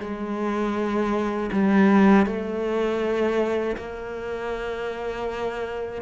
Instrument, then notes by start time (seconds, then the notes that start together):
cello
0.00 G#3
1.52 G3
2.26 A3
3.76 A#3